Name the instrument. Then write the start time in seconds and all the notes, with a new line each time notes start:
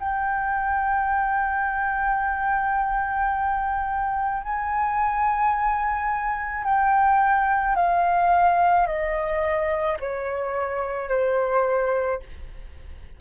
flute
0.00 G5
4.43 G#5
6.65 G5
7.76 F5
8.87 D#5
10.00 C#5
11.09 C5